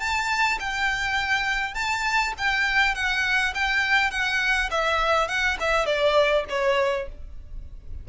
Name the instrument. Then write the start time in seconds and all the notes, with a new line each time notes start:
violin
0.00 A5
0.60 G5
1.75 A5
2.38 G5
2.95 F#5
3.55 G5
4.11 F#5
4.71 E5
5.28 F#5
5.60 E5
5.86 D5
6.50 C#5